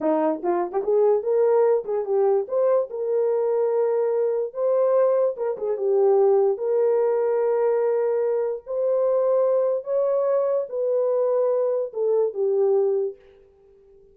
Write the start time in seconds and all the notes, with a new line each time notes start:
0.01 D#4
0.42 F4
0.72 G4
0.83 G#4
1.23 A#4
1.85 G#4
2.05 G4
2.48 C5
2.90 A#4
4.53 C5
5.36 A#4
5.57 G#4
5.77 G4
6.57 A#4
8.66 C5
9.84 C#5
10.69 B4
11.93 A4
12.33 G4